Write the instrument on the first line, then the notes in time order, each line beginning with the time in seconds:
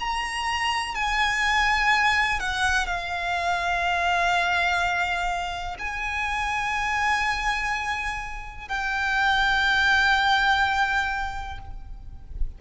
violin
0.00 A#5
0.95 G#5
2.40 F#5
2.87 F5
5.79 G#5
8.69 G5